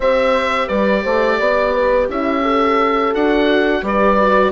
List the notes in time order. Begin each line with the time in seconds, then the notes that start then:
0.00 C4 G4 C5 E5
0.67 G3 B4 D5
1.03 A3 C5
1.39 B3 D5
1.73 B4
2.08 C#4 E4 E5
2.42 A4
3.13 D4 F#4 F#5
3.82 G3 G4 B4 D5
4.20 F#4